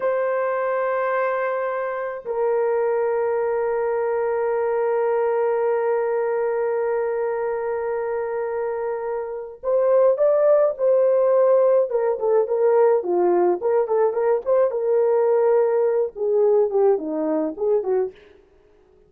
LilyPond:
\new Staff \with { instrumentName = "horn" } { \time 4/4 \tempo 4 = 106 c''1 | ais'1~ | ais'1~ | ais'1~ |
ais'4 c''4 d''4 c''4~ | c''4 ais'8 a'8 ais'4 f'4 | ais'8 a'8 ais'8 c''8 ais'2~ | ais'8 gis'4 g'8 dis'4 gis'8 fis'8 | }